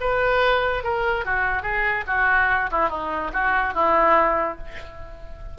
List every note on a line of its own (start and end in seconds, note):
0.00 0.83 B4
0.83 1.25 A#4
1.25 1.62 F#4
1.62 2.04 G#4
2.07 2.69 F#4
2.71 2.89 E4
2.89 3.31 D#4
3.33 3.74 F#4
3.74 4.58 E4